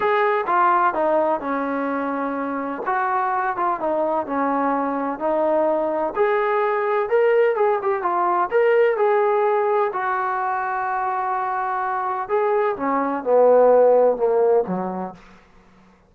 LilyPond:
\new Staff \with { instrumentName = "trombone" } { \time 4/4 \tempo 4 = 127 gis'4 f'4 dis'4 cis'4~ | cis'2 fis'4. f'8 | dis'4 cis'2 dis'4~ | dis'4 gis'2 ais'4 |
gis'8 g'8 f'4 ais'4 gis'4~ | gis'4 fis'2.~ | fis'2 gis'4 cis'4 | b2 ais4 fis4 | }